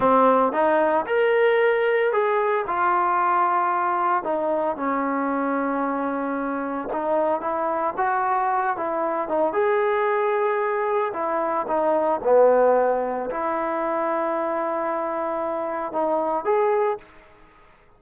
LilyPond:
\new Staff \with { instrumentName = "trombone" } { \time 4/4 \tempo 4 = 113 c'4 dis'4 ais'2 | gis'4 f'2. | dis'4 cis'2.~ | cis'4 dis'4 e'4 fis'4~ |
fis'8 e'4 dis'8 gis'2~ | gis'4 e'4 dis'4 b4~ | b4 e'2.~ | e'2 dis'4 gis'4 | }